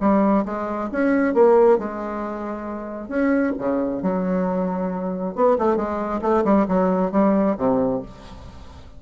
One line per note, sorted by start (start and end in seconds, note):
0.00 0.44 G3
0.45 0.89 G#3
0.91 1.34 C#4
1.34 1.78 A#3
1.78 3.08 G#3
3.08 3.52 C#4
3.58 4.02 C#3
4.02 5.35 F#3
5.35 5.57 B3
5.58 5.76 A3
5.76 6.20 G#3
6.21 6.43 A3
6.44 6.66 G3
6.68 7.11 F#3
7.11 7.56 G3
7.57 8.01 C3